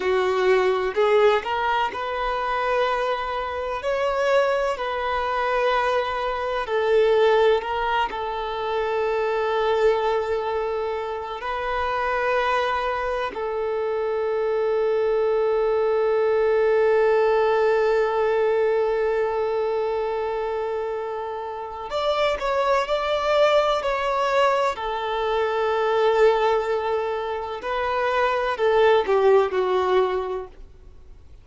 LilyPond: \new Staff \with { instrumentName = "violin" } { \time 4/4 \tempo 4 = 63 fis'4 gis'8 ais'8 b'2 | cis''4 b'2 a'4 | ais'8 a'2.~ a'8 | b'2 a'2~ |
a'1~ | a'2. d''8 cis''8 | d''4 cis''4 a'2~ | a'4 b'4 a'8 g'8 fis'4 | }